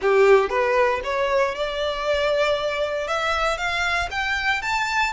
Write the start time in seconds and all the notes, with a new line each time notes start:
0.01 G4
0.49 B4
1.03 C#5
1.55 D5
3.07 E5
3.57 F5
4.10 G5
4.62 A5